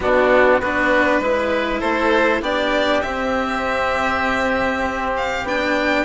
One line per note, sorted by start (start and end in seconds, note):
0.00 0.60 B2
0.00 0.61 B3
0.00 0.60 D4
0.00 0.61 F#4
0.60 1.20 B3
0.60 1.21 D4
0.60 1.21 F#4
0.60 1.80 B4
1.20 1.80 G#3
1.20 2.42 E4
1.20 1.80 B4
1.80 2.41 A3
1.80 2.40 A4
1.80 2.41 C5
2.41 3.01 B3
2.41 3.02 D4
2.41 6.05 G4
2.41 3.01 D5
3.01 5.43 C4
3.01 5.46 C4
3.01 5.13 E5
5.16 5.47 F5
5.43 6.04 B3
5.43 6.05 D4
5.43 6.05 G5